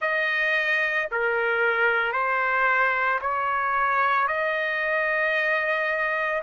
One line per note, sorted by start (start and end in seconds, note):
0.00 1.08 D#5
1.11 2.12 A#4
2.12 3.19 C5
3.21 4.27 C#5
4.27 6.41 D#5